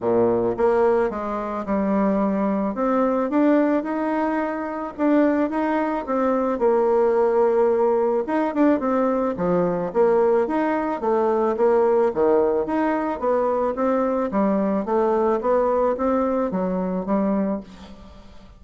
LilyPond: \new Staff \with { instrumentName = "bassoon" } { \time 4/4 \tempo 4 = 109 ais,4 ais4 gis4 g4~ | g4 c'4 d'4 dis'4~ | dis'4 d'4 dis'4 c'4 | ais2. dis'8 d'8 |
c'4 f4 ais4 dis'4 | a4 ais4 dis4 dis'4 | b4 c'4 g4 a4 | b4 c'4 fis4 g4 | }